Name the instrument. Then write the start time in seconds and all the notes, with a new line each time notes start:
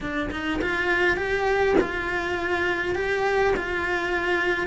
cello
0.01 D4
0.30 D#4
0.61 F4
1.17 G4
1.80 F4
2.95 G4
3.56 F4